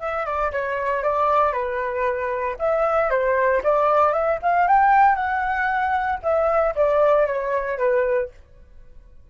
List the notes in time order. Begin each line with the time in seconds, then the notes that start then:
0.00 E5
0.26 D5
0.52 C#5
1.03 D5
1.53 B4
2.59 E5
3.10 C5
3.63 D5
4.13 E5
4.42 F5
4.67 G5
5.16 F#5
6.23 E5
6.75 D5
7.27 C#5
7.78 B4